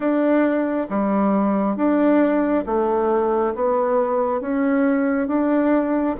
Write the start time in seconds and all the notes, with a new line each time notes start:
0.00 D4
0.89 G3
1.76 D4
2.66 A3
3.54 B3
4.40 C#4
5.27 D4